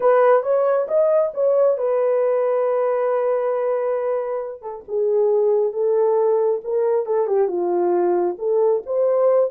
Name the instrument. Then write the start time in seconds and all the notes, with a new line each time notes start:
horn
0.00 B4
0.42 C#5
0.87 D#5
1.34 C#5
1.77 B4
4.61 A4
4.88 G#4
5.72 A4
6.64 A#4
7.06 A4
7.27 G4
7.48 F4
8.38 A4
8.86 C5